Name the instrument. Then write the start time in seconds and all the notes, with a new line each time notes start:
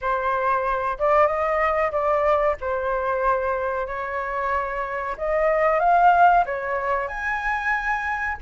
flute
0.01 C5
0.99 D5
1.26 D#5
1.91 D5
2.60 C5
3.87 C#5
5.17 D#5
5.79 F5
6.45 C#5
7.08 G#5